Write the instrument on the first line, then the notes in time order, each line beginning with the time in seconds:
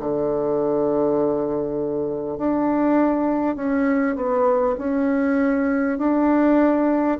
bassoon
0.00 D3
2.37 D4
3.56 C#4
4.16 B3
4.78 C#4
5.98 D4